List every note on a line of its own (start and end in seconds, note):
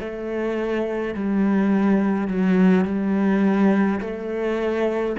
0.00 1.15 A3
1.15 2.28 G3
2.28 2.85 F#3
2.85 4.00 G3
4.01 5.16 A3